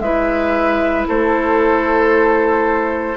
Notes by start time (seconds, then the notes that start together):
0.00 G#3 E4 B4 E5
1.08 A3 A4 C5